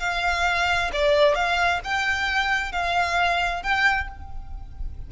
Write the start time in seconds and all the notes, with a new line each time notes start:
0.00 F5
0.93 D5
1.35 F5
1.84 G5
2.72 F5
3.63 G5